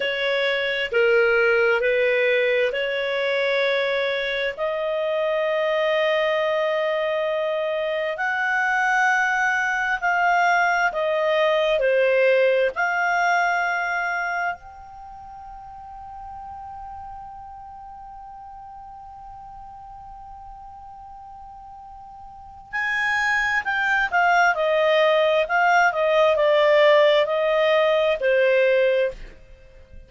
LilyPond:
\new Staff \with { instrumentName = "clarinet" } { \time 4/4 \tempo 4 = 66 cis''4 ais'4 b'4 cis''4~ | cis''4 dis''2.~ | dis''4 fis''2 f''4 | dis''4 c''4 f''2 |
g''1~ | g''1~ | g''4 gis''4 g''8 f''8 dis''4 | f''8 dis''8 d''4 dis''4 c''4 | }